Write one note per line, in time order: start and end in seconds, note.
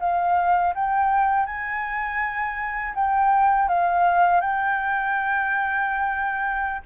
0.00 0.74 F5
0.75 1.46 G5
1.46 2.94 G#5
2.95 3.69 G5
3.69 4.41 F5
4.41 6.82 G5